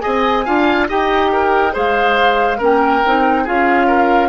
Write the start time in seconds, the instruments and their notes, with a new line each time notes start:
0.00 clarinet G#4, oboe D#5, flute G#5
0.06 bassoon C4
0.45 bassoon D4, clarinet F4, oboe F5
0.89 bassoon D#4, clarinet G4, oboe D#5, flute G5
1.33 oboe A#4
1.72 bassoon G#3, clarinet G#4, oboe C5, flute F5
2.58 bassoon A#3, clarinet C#4, oboe A#4, flute G5
3.06 bassoon C4, clarinet D#4
3.44 bassoon C#4, clarinet F4, oboe G#4, flute F5
3.88 oboe A#4